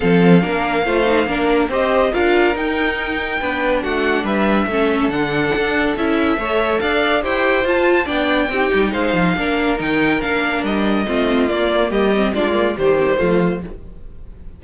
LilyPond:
<<
  \new Staff \with { instrumentName = "violin" } { \time 4/4 \tempo 4 = 141 f''1 | dis''4 f''4 g''2~ | g''4 fis''4 e''2 | fis''2 e''2 |
f''4 g''4 a''4 g''4~ | g''4 f''2 g''4 | f''4 dis''2 d''4 | dis''4 d''4 c''2 | }
  \new Staff \with { instrumentName = "violin" } { \time 4/4 a'4 ais'4 c''4 ais'4 | c''4 ais'2. | b'4 fis'4 b'4 a'4~ | a'2. cis''4 |
d''4 c''2 d''4 | g'4 c''4 ais'2~ | ais'2 f'2 | g'4 f'4 g'4 f'4 | }
  \new Staff \with { instrumentName = "viola" } { \time 4/4 c'4 d'4 f'8 dis'8 d'4 | g'4 f'4 dis'2 | d'2. cis'4 | d'2 e'4 a'4~ |
a'4 g'4 f'4 d'4 | dis'2 d'4 dis'4 | d'2 c'4 ais4~ | ais8 c'8 d'8 ais8 g8 c'16 g16 a4 | }
  \new Staff \with { instrumentName = "cello" } { \time 4/4 f4 ais4 a4 ais4 | c'4 d'4 dis'2 | b4 a4 g4 a4 | d4 d'4 cis'4 a4 |
d'4 e'4 f'4 b4 | c'8 g8 gis8 f8 ais4 dis4 | ais4 g4 a4 ais4 | g4 gis4 dis4 f4 | }
>>